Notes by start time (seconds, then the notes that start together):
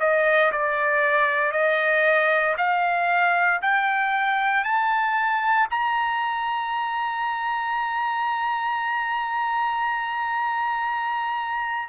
0.00 D#5
0.52 D5
1.52 D#5
2.58 F5
3.62 G5
4.65 A5
5.71 A#5